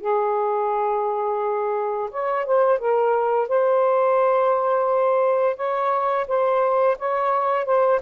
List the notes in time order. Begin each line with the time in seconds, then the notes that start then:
0.00 G#4
2.11 C#5
2.46 C5
2.79 A#4
3.49 C5
5.56 C#5
6.28 C5
6.98 C#5
7.65 C5